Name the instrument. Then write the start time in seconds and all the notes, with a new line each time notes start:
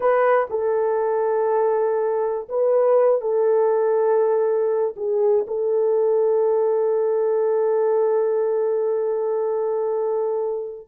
horn
0.00 B4
0.50 A4
2.48 B4
3.21 A4
4.96 G#4
5.47 A4